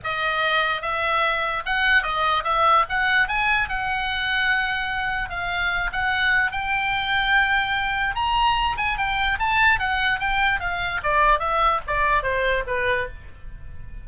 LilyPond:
\new Staff \with { instrumentName = "oboe" } { \time 4/4 \tempo 4 = 147 dis''2 e''2 | fis''4 dis''4 e''4 fis''4 | gis''4 fis''2.~ | fis''4 f''4. fis''4. |
g''1 | ais''4. gis''8 g''4 a''4 | fis''4 g''4 f''4 d''4 | e''4 d''4 c''4 b'4 | }